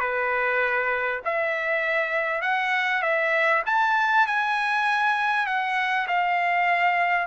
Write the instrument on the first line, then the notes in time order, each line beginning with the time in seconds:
trumpet
0.00 B4
1.25 E5
2.42 F#5
3.02 E5
3.66 A5
4.27 G#5
5.46 F#5
6.07 F5